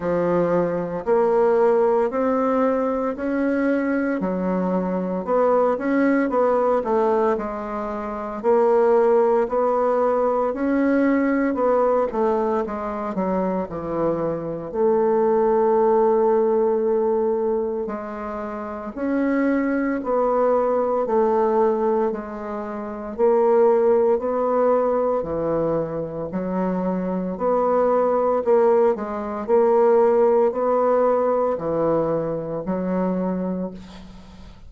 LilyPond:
\new Staff \with { instrumentName = "bassoon" } { \time 4/4 \tempo 4 = 57 f4 ais4 c'4 cis'4 | fis4 b8 cis'8 b8 a8 gis4 | ais4 b4 cis'4 b8 a8 | gis8 fis8 e4 a2~ |
a4 gis4 cis'4 b4 | a4 gis4 ais4 b4 | e4 fis4 b4 ais8 gis8 | ais4 b4 e4 fis4 | }